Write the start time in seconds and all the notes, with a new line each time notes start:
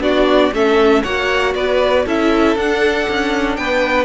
0.00 B3 D4 F#4 D5
0.52 A3 C#4 A4 E5
1.03 A#3 F#4 C#5 F#5
1.55 B3 B4 D5
2.06 C#4 E4 A4 E5
2.56 D4 F#5
3.10 C#4
3.56 B3 B4 G5